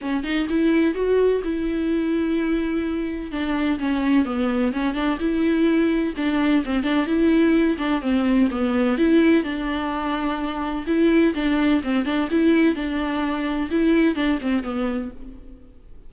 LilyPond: \new Staff \with { instrumentName = "viola" } { \time 4/4 \tempo 4 = 127 cis'8 dis'8 e'4 fis'4 e'4~ | e'2. d'4 | cis'4 b4 cis'8 d'8 e'4~ | e'4 d'4 c'8 d'8 e'4~ |
e'8 d'8 c'4 b4 e'4 | d'2. e'4 | d'4 c'8 d'8 e'4 d'4~ | d'4 e'4 d'8 c'8 b4 | }